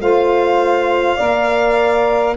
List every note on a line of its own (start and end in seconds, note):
0.00 1.18 A3
0.00 1.18 F4
0.00 1.16 C5
0.00 2.37 F5
1.16 2.37 A#3
1.16 2.36 A#4
1.16 2.33 D5